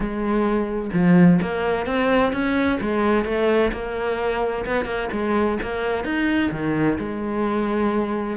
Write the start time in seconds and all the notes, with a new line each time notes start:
0.00 G#3
0.93 F3
1.41 A#3
1.86 C4
2.33 C#4
2.80 G#3
3.25 A3
3.72 A#3
4.65 B3
4.85 A#3
5.11 G#3
5.62 A#3
6.04 D#4
6.51 D#3
6.98 G#3